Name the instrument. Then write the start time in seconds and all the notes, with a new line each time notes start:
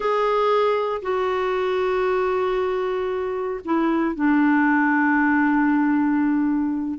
clarinet
0.00 G#4
1.01 F#4
3.64 E4
4.15 D4